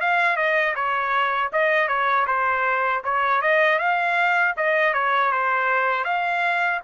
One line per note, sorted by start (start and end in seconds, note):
0.00 0.36 F5
0.36 0.74 D#5
0.75 1.51 C#5
1.52 1.88 D#5
1.88 2.26 C#5
2.26 3.02 C5
3.04 3.41 C#5
3.41 3.78 D#5
3.78 4.54 F5
4.56 4.93 D#5
4.93 5.31 C#5
5.31 6.04 C5
6.04 6.80 F5